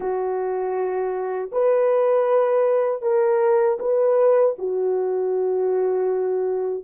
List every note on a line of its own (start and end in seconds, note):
0.00 1.51 F#4
1.52 3.02 B4
3.02 3.78 A#4
3.79 4.55 B4
4.58 6.84 F#4